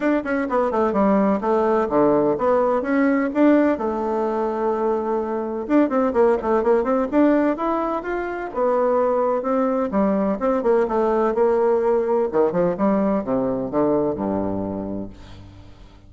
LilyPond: \new Staff \with { instrumentName = "bassoon" } { \time 4/4 \tempo 4 = 127 d'8 cis'8 b8 a8 g4 a4 | d4 b4 cis'4 d'4 | a1 | d'8 c'8 ais8 a8 ais8 c'8 d'4 |
e'4 f'4 b2 | c'4 g4 c'8 ais8 a4 | ais2 dis8 f8 g4 | c4 d4 g,2 | }